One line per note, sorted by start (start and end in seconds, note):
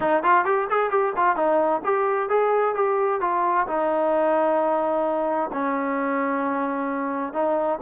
0.00 0.23 D#4
0.23 0.45 F4
0.45 0.67 G4
0.70 0.90 G#4
0.90 1.13 G4
1.16 1.36 F4
1.36 1.81 D#4
1.84 2.29 G4
2.29 2.74 G#4
2.74 3.20 G4
3.21 3.66 F4
3.67 5.50 D#4
5.52 7.33 C#4
7.33 7.78 D#4